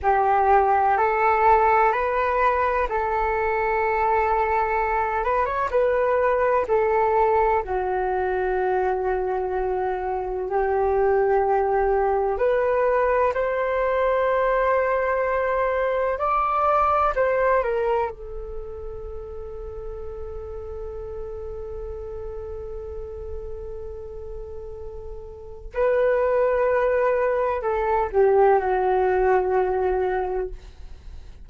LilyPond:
\new Staff \with { instrumentName = "flute" } { \time 4/4 \tempo 4 = 63 g'4 a'4 b'4 a'4~ | a'4. b'16 cis''16 b'4 a'4 | fis'2. g'4~ | g'4 b'4 c''2~ |
c''4 d''4 c''8 ais'8 a'4~ | a'1~ | a'2. b'4~ | b'4 a'8 g'8 fis'2 | }